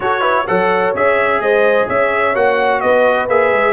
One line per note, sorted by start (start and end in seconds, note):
0.00 0.21 F#4
0.00 0.48 F#4
0.00 0.20 A4
0.00 0.47 C#5
0.20 0.44 E4
0.20 0.44 B4
0.47 0.94 F#3
0.47 0.94 A4
0.47 1.41 C#5
0.47 0.94 F#5
0.94 1.40 C#4
0.94 2.34 G#4
0.94 1.41 E5
1.40 1.87 G#3
1.40 1.87 C5
1.40 1.88 D#5
1.87 2.35 C#4
1.87 2.81 C#5
1.87 2.35 E5
2.34 2.82 A#3
2.34 3.28 F#4
2.34 2.80 F#5
2.80 3.28 B3
2.80 3.73 B4
2.80 3.27 D#5
3.28 3.51 A#3
3.28 3.73 G#4
3.28 3.73 E5
3.51 3.73 G#3